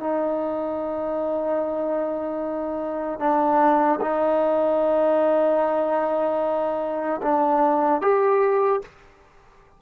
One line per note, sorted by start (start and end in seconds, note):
0.00 3.20 D#4
3.20 4.00 D4
4.01 7.21 D#4
7.22 8.01 D4
8.01 8.81 G4